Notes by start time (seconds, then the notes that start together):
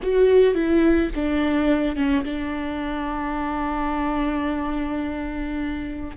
0.02 F#4
0.54 E4
1.15 D4
1.95 C#4
2.24 D4